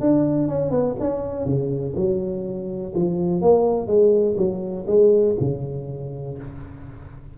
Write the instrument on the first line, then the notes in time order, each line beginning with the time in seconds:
tuba
0.00 D4
0.48 C#4
0.71 B3
1.00 C#4
1.45 C#3
1.96 F#3
2.95 F3
3.41 A#3
3.87 G#3
4.37 F#3
4.87 G#3
5.40 C#3